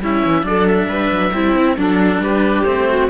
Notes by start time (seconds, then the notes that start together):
0.00 G3 C#4 E4 E5
0.25 E3
0.42 F#3 D4 A4 D5
0.67 E5
0.88 G3 B4
1.11 F#3
1.33 G3 C4 E4
1.55 C4
1.76 F#3 D4 A4
2.19 G3 G4 B4
2.63 A3 C4 C5
2.88 F#4